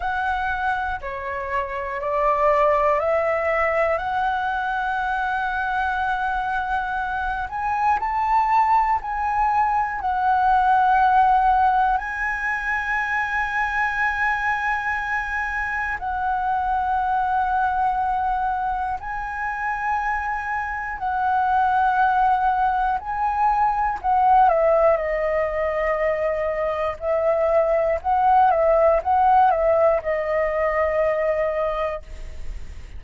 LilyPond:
\new Staff \with { instrumentName = "flute" } { \time 4/4 \tempo 4 = 60 fis''4 cis''4 d''4 e''4 | fis''2.~ fis''8 gis''8 | a''4 gis''4 fis''2 | gis''1 |
fis''2. gis''4~ | gis''4 fis''2 gis''4 | fis''8 e''8 dis''2 e''4 | fis''8 e''8 fis''8 e''8 dis''2 | }